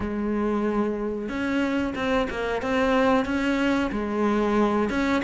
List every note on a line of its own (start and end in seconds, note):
0.00 1.28 G#3
1.28 1.94 C#4
1.95 2.27 C4
2.30 2.61 A#3
2.61 3.25 C4
3.25 3.90 C#4
3.91 4.89 G#3
4.89 5.22 C#4